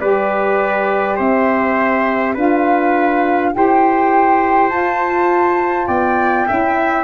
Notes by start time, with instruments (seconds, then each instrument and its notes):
0.00 tuba G3, saxophone G4, trumpet B4, flute D5
1.16 tuba C4, trumpet C5, flute E5
2.34 tuba D4, saxophone F4, trumpet B4, flute F5
3.53 tuba E4, saxophone G4, trumpet C5, flute G5
4.70 tuba F4, saxophone F4, flute A5
5.87 tuba B3, trumpet D5, flute G5
6.48 tuba C#4, saxophone E4, trumpet E5